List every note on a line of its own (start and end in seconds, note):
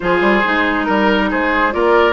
0.00 0.21 F3
0.00 0.42 F4
0.00 0.86 G#4
0.00 0.83 C5
0.21 0.42 G3
0.43 0.88 G#3
0.43 1.71 D#4
0.83 1.31 G3
0.83 1.27 A#4
0.83 1.29 A#4
1.30 1.74 G#3
1.30 1.73 G#4
1.30 1.72 C5
1.71 2.12 A#3
1.71 2.12 F4
1.71 2.12 A#4
1.71 2.12 D5